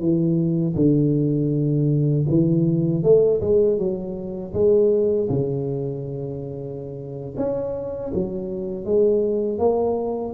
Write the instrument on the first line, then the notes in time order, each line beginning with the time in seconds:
tuba
0.00 E3
0.76 D3
2.29 E3
3.03 A3
3.41 G#3
3.78 F#3
4.54 G#3
5.29 C#3
7.37 C#4
8.14 F#3
8.85 G#3
9.59 A#3